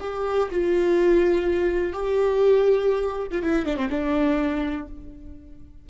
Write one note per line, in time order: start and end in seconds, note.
0.00 0.49 G4
0.51 1.93 F4
1.93 3.27 G4
3.31 3.42 F4
3.42 3.65 E4
3.65 3.76 D4
3.76 3.89 C4
3.90 4.87 D4